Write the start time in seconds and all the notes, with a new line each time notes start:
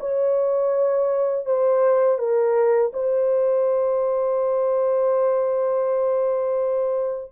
0.00 C#5
1.45 C5
2.18 A#4
2.93 C5